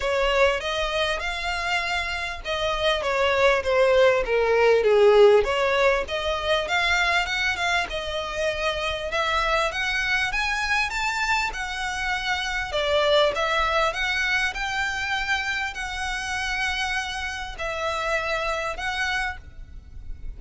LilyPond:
\new Staff \with { instrumentName = "violin" } { \time 4/4 \tempo 4 = 99 cis''4 dis''4 f''2 | dis''4 cis''4 c''4 ais'4 | gis'4 cis''4 dis''4 f''4 | fis''8 f''8 dis''2 e''4 |
fis''4 gis''4 a''4 fis''4~ | fis''4 d''4 e''4 fis''4 | g''2 fis''2~ | fis''4 e''2 fis''4 | }